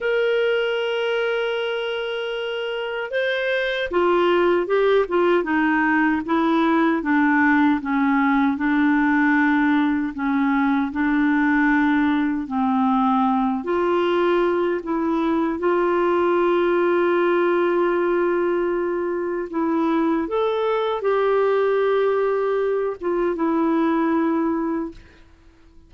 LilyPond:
\new Staff \with { instrumentName = "clarinet" } { \time 4/4 \tempo 4 = 77 ais'1 | c''4 f'4 g'8 f'8 dis'4 | e'4 d'4 cis'4 d'4~ | d'4 cis'4 d'2 |
c'4. f'4. e'4 | f'1~ | f'4 e'4 a'4 g'4~ | g'4. f'8 e'2 | }